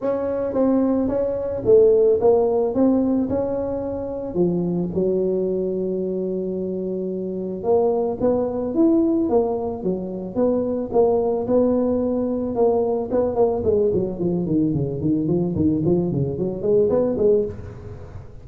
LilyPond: \new Staff \with { instrumentName = "tuba" } { \time 4/4 \tempo 4 = 110 cis'4 c'4 cis'4 a4 | ais4 c'4 cis'2 | f4 fis2.~ | fis2 ais4 b4 |
e'4 ais4 fis4 b4 | ais4 b2 ais4 | b8 ais8 gis8 fis8 f8 dis8 cis8 dis8 | f8 dis8 f8 cis8 fis8 gis8 b8 gis8 | }